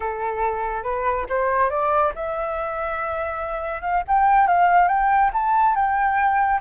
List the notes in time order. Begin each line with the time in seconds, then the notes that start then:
0.00 A4
0.83 B4
1.29 C5
1.69 D5
2.15 E5
3.81 F5
4.07 G5
4.47 F5
4.88 G5
5.33 A5
5.75 G5